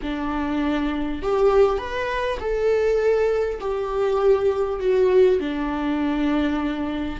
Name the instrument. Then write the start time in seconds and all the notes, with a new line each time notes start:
viola
0.02 D4
1.22 G4
1.78 B4
2.39 A4
3.60 G4
4.80 F#4
5.40 D4